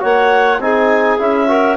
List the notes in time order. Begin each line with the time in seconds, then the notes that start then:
0.00 A#3 F#4 C#5 F#5
0.59 C4 D#4 G#4 G#5
1.19 C#4 E4 E5
1.47 F#4 A#4